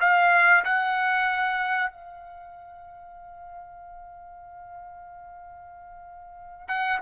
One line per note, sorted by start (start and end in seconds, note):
0.00 0.64 F5
0.64 1.91 F#5
1.91 6.67 F5
6.67 6.99 F#5